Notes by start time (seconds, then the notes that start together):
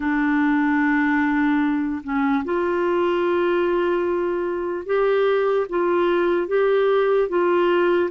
0.00 D4
2.03 C#4
2.44 F4
4.85 G4
5.69 F4
6.47 G4
7.29 F4